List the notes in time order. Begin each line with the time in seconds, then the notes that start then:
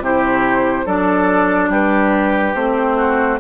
0.00 C3 E4 G4 C5
0.86 F#3 D4 A4 D5
1.69 G3 G4 B4
2.54 A3 C4 C5
2.96 F#4